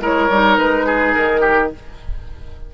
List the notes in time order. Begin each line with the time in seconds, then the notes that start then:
0.00 G#3 E4 A#4 C#5
0.29 G3 D#4
0.58 G#3 B4
0.86 G#4
1.13 D#3 A#4
1.40 G4